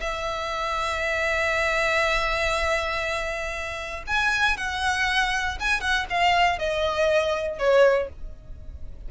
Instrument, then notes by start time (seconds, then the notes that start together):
violin
0.00 E5
4.07 G#5
4.57 F#5
5.60 G#5
5.81 F#5
6.10 F5
6.59 D#5
7.58 C#5